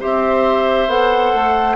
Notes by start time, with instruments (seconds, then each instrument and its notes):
0.00 bassoon C4, clarinet G4, oboe C5, flute E5
0.87 bassoon B3, clarinet A4, flute F#5
1.34 bassoon A3